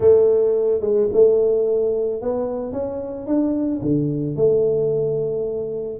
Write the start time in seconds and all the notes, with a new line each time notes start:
0.00 A3
0.81 G#3
1.12 A3
2.21 B3
2.72 C#4
3.26 D4
3.81 D3
4.36 A3